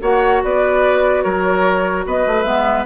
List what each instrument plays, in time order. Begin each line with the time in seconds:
0.00 bassoon A#3, clarinet F#4, oboe C#5, flute F#5
0.43 bassoon B3, oboe B4, flute D5
1.23 bassoon F#3, oboe A#4, flute C#5
2.06 bassoon B3, oboe B4, flute D#5
2.27 bassoon A3
2.43 bassoon G#3, clarinet B3, flute E5